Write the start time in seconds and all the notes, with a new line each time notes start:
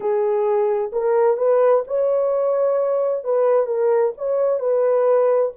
0.00 G#4
0.92 A#4
1.37 B4
1.87 C#5
3.23 B4
3.66 A#4
4.17 C#5
4.59 B4